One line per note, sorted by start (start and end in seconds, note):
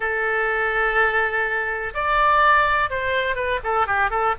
0.00 1.93 A4
1.94 2.90 D5
2.90 3.35 C5
3.35 3.59 B4
3.63 3.87 A4
3.87 4.10 G4
4.10 4.34 A4